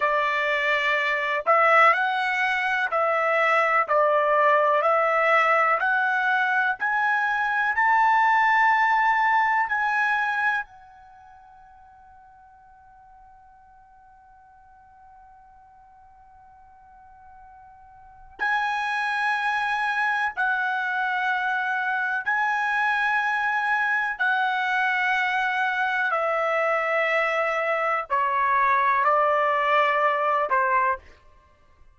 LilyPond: \new Staff \with { instrumentName = "trumpet" } { \time 4/4 \tempo 4 = 62 d''4. e''8 fis''4 e''4 | d''4 e''4 fis''4 gis''4 | a''2 gis''4 fis''4~ | fis''1~ |
fis''2. gis''4~ | gis''4 fis''2 gis''4~ | gis''4 fis''2 e''4~ | e''4 cis''4 d''4. c''8 | }